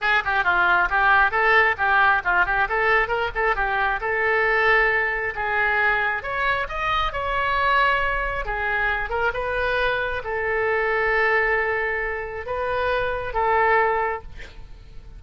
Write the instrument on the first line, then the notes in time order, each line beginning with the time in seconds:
oboe
0.01 G#4
0.24 G4
0.44 F4
0.89 G4
1.31 A4
1.77 G4
2.24 F4
2.45 G4
2.68 A4
3.07 A#4
3.35 A4
3.55 G4
4.00 A4
5.35 G#4
6.22 C#5
6.68 D#5
7.12 C#5
8.45 G#4
9.09 A#4
9.33 B4
10.23 A4
12.46 B4
13.33 A4